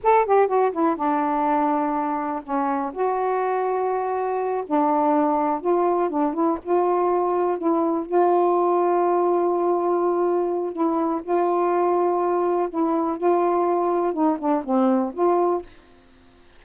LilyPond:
\new Staff \with { instrumentName = "saxophone" } { \time 4/4 \tempo 4 = 123 a'8 g'8 fis'8 e'8 d'2~ | d'4 cis'4 fis'2~ | fis'4. d'2 f'8~ | f'8 d'8 e'8 f'2 e'8~ |
e'8 f'2.~ f'8~ | f'2 e'4 f'4~ | f'2 e'4 f'4~ | f'4 dis'8 d'8 c'4 f'4 | }